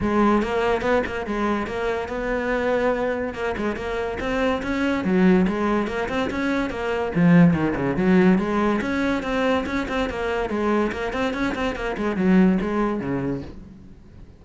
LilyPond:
\new Staff \with { instrumentName = "cello" } { \time 4/4 \tempo 4 = 143 gis4 ais4 b8 ais8 gis4 | ais4 b2. | ais8 gis8 ais4 c'4 cis'4 | fis4 gis4 ais8 c'8 cis'4 |
ais4 f4 dis8 cis8 fis4 | gis4 cis'4 c'4 cis'8 c'8 | ais4 gis4 ais8 c'8 cis'8 c'8 | ais8 gis8 fis4 gis4 cis4 | }